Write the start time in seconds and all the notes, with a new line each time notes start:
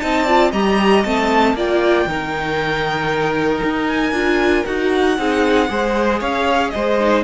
0.00 C4 D#4 D#5 A5
0.26 F4 D5
0.51 G3 G4 D#5 A#5
1.04 A3 C4 A5
1.54 A#3 F4 D5 G5
2.06 D#3 D#4 A#4
3.64 D#4
3.88 G#5
4.12 D4 F4
4.66 D#4 F#4 F#5
5.18 C4 D#4 G#4
5.68 G#3 G#4 C5
6.20 C#4 C#5 F5
6.70 G#3 C5 D#5
7.00 D#4